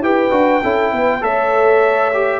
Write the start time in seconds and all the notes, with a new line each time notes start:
0.00 E4 G4 B4 G5
0.30 D4 F#4
0.63 C#4 E4 A4
0.92 B3 B4
1.21 A3 A4 C#5 E5
2.13 G4